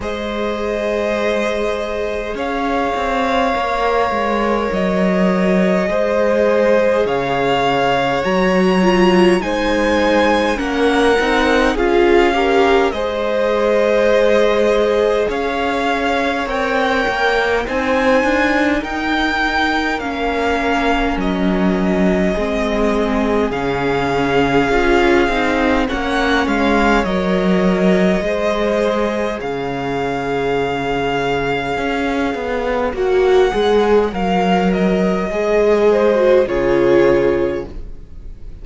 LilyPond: <<
  \new Staff \with { instrumentName = "violin" } { \time 4/4 \tempo 4 = 51 dis''2 f''2 | dis''2 f''4 ais''4 | gis''4 fis''4 f''4 dis''4~ | dis''4 f''4 g''4 gis''4 |
g''4 f''4 dis''2 | f''2 fis''8 f''8 dis''4~ | dis''4 f''2. | fis''4 f''8 dis''4. cis''4 | }
  \new Staff \with { instrumentName = "violin" } { \time 4/4 c''2 cis''2~ | cis''4 c''4 cis''2 | c''4 ais'4 gis'8 ais'8 c''4~ | c''4 cis''2 c''4 |
ais'2. gis'4~ | gis'2 cis''2 | c''4 cis''2.~ | cis''2~ cis''8 c''8 gis'4 | }
  \new Staff \with { instrumentName = "viola" } { \time 4/4 gis'2. ais'4~ | ais'4 gis'2 fis'8 f'8 | dis'4 cis'8 dis'8 f'8 g'8 gis'4~ | gis'2 ais'4 dis'4~ |
dis'4 cis'2 c'4 | cis'4 f'8 dis'8 cis'4 ais'4 | gis'1 | fis'8 gis'8 ais'4 gis'8. fis'16 f'4 | }
  \new Staff \with { instrumentName = "cello" } { \time 4/4 gis2 cis'8 c'8 ais8 gis8 | fis4 gis4 cis4 fis4 | gis4 ais8 c'8 cis'4 gis4~ | gis4 cis'4 c'8 ais8 c'8 d'8 |
dis'4 ais4 fis4 gis4 | cis4 cis'8 c'8 ais8 gis8 fis4 | gis4 cis2 cis'8 b8 | ais8 gis8 fis4 gis4 cis4 | }
>>